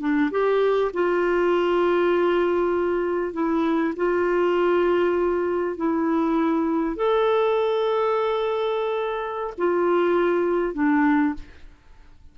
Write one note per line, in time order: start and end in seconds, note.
0.00 0.30 D4
0.30 0.91 G4
0.93 3.33 F4
3.33 3.93 E4
3.96 5.76 F4
5.76 6.96 E4
6.96 9.53 A4
9.57 10.73 F4
10.73 11.34 D4